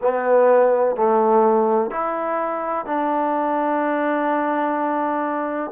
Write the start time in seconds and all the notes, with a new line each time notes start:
0.01 B3
0.96 A3
1.90 E4
2.85 D4